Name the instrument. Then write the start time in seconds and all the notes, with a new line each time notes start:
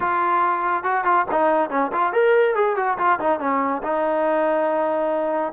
trombone
0.00 F4
0.83 F#4
1.04 F4
1.31 D#4
1.70 C#4
1.92 F4
2.12 A#4
2.55 G#4
2.76 F#4
2.97 F4
3.19 D#4
3.39 C#4
3.82 D#4